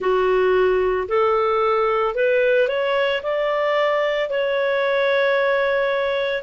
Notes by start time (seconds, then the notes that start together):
0.00 F#4
1.08 A4
2.14 B4
2.68 C#5
3.22 D5
4.29 C#5